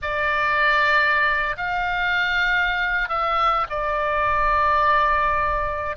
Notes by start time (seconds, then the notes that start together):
0.02 D5
1.57 F5
3.08 E5
3.69 D5